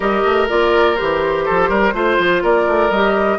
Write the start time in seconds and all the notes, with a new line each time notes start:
0.00 G3 G4 A#4 D#5
0.25 A3
0.48 A#3 F4 D5
0.96 E3 G4 C5
1.45 F3 A4
1.69 G3 A#4
1.93 A3 F4 C5
2.18 F3
2.42 A#3 A#4 D5
2.67 A3
2.89 G3 G4 D#5